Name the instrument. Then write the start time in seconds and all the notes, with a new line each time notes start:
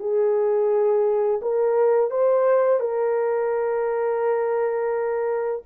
horn
0.00 G#4
1.42 A#4
2.11 C5
2.80 A#4